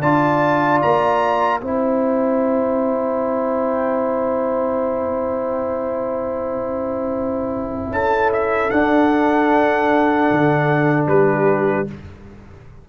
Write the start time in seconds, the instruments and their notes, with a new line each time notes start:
0.00 tuba D4, trombone F4, horn D5, trumpet A5
0.82 tuba A#3, trumpet A#5
1.60 tuba C4, trombone E4, horn C5, trumpet G5
7.91 tuba C#4, horn A4, trumpet A5
8.33 trumpet E5
8.70 tuba D4, trombone D4, trumpet F#5
10.31 tuba D3
11.07 tuba G3, horn G4, trumpet B4